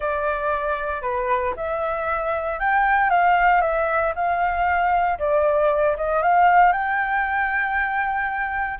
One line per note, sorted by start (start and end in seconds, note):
0.00 1.02 D5
1.02 1.54 B4
1.56 2.59 E5
2.59 3.10 G5
3.10 3.61 F5
3.61 4.13 E5
4.15 5.18 F5
5.18 5.96 D5
5.96 6.22 D#5
6.22 6.72 F5
6.72 8.79 G5